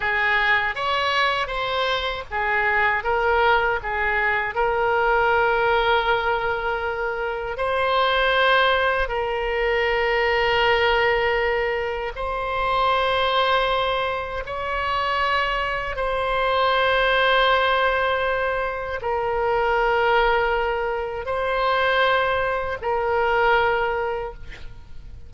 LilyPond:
\new Staff \with { instrumentName = "oboe" } { \time 4/4 \tempo 4 = 79 gis'4 cis''4 c''4 gis'4 | ais'4 gis'4 ais'2~ | ais'2 c''2 | ais'1 |
c''2. cis''4~ | cis''4 c''2.~ | c''4 ais'2. | c''2 ais'2 | }